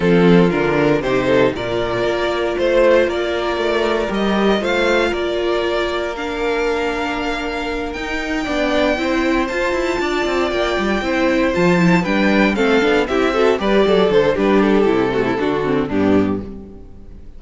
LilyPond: <<
  \new Staff \with { instrumentName = "violin" } { \time 4/4 \tempo 4 = 117 a'4 ais'4 c''4 d''4~ | d''4 c''4 d''2 | dis''4 f''4 d''2 | f''2.~ f''8 g''8~ |
g''2~ g''8 a''4.~ | a''8 g''2 a''4 g''8~ | g''8 f''4 e''4 d''4 c''8 | b'8 a'2~ a'8 g'4 | }
  \new Staff \with { instrumentName = "violin" } { \time 4/4 f'2 g'8 a'8 ais'4~ | ais'4 c''4 ais'2~ | ais'4 c''4 ais'2~ | ais'1~ |
ais'8 d''4 c''2 d''8~ | d''4. c''2 b'8~ | b'8 a'4 g'8 a'8 b'8 a'4 | g'4. fis'16 e'16 fis'4 d'4 | }
  \new Staff \with { instrumentName = "viola" } { \time 4/4 c'4 d'4 dis'4 f'4~ | f'1 | g'4 f'2. | d'2.~ d'8 dis'8~ |
dis'8 d'4 e'4 f'4.~ | f'4. e'4 f'8 e'8 d'8~ | d'8 c'8 d'8 e'8 fis'8 g'4 a'8 | d'4 e'8 a8 d'8 c'8 b4 | }
  \new Staff \with { instrumentName = "cello" } { \time 4/4 f4 d4 c4 ais,4 | ais4 a4 ais4 a4 | g4 a4 ais2~ | ais2.~ ais8 dis'8~ |
dis'8 b4 c'4 f'8 e'8 d'8 | c'8 ais8 g8 c'4 f4 g8~ | g8 a8 b8 c'4 g8 fis8 d8 | g4 c4 d4 g,4 | }
>>